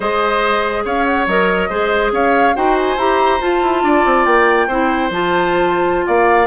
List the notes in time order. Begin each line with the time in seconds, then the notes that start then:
0.00 G#3 G#4 C5 D#5
0.84 C#4 C#5 F5
1.05 F#5
1.26 F#3 A#4 D#5
1.69 G#3 G#4 C5
2.12 C#4 C#5 F5
2.54 D#4 F#4 C5 G5
2.77 G#5
2.97 E4 G4 A#5
3.40 F4 A5
3.62 E4
3.82 D4 D5
4.05 C4
4.25 A#3 G5
4.67 C4 E4 C5
5.10 F3 F4 A5
6.06 A#3 D5 F5